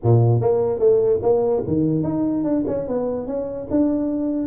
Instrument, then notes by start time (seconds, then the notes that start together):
tuba
0.03 A#2
0.40 A#3
0.79 A3
1.22 A#3
1.67 D#3
2.03 D#4
2.44 D4
2.67 C#4
2.87 B3
3.26 C#4
3.70 D4